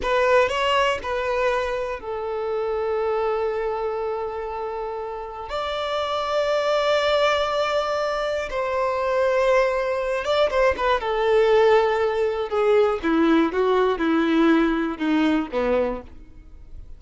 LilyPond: \new Staff \with { instrumentName = "violin" } { \time 4/4 \tempo 4 = 120 b'4 cis''4 b'2 | a'1~ | a'2. d''4~ | d''1~ |
d''4 c''2.~ | c''8 d''8 c''8 b'8 a'2~ | a'4 gis'4 e'4 fis'4 | e'2 dis'4 b4 | }